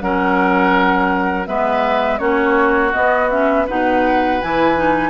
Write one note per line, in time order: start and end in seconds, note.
0.00 1.47 F#3
0.00 1.47 C#4
0.00 1.48 A#4
0.00 1.46 F#5
1.46 2.19 G#3
1.46 2.18 B3
1.46 2.19 B4
1.46 2.18 E5
2.18 2.92 A#3
2.18 2.91 C#4
2.18 3.66 F#4
2.18 2.91 C#5
2.93 3.30 B3
2.93 3.69 B3
2.93 3.29 D#5
3.30 3.67 C#4
3.30 3.66 E5
3.66 4.42 B2
3.66 4.41 D#4
3.66 5.10 B4
3.66 4.41 F#5
4.41 5.10 E3
4.41 4.75 E4
4.41 5.10 G#5
4.75 5.10 D#4